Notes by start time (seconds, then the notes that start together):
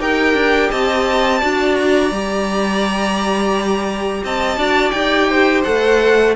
0.00 D#4 G4 A#4 G5
0.34 D4
0.71 C4 D#5 A5
1.40 D4 F#4 D5
1.76 A#5
2.11 G3 G4
4.24 C4 D#5 A5
4.57 D4 F#4 D5
4.91 D#4 G4 G5
5.29 C5
5.64 A3 A4 F#5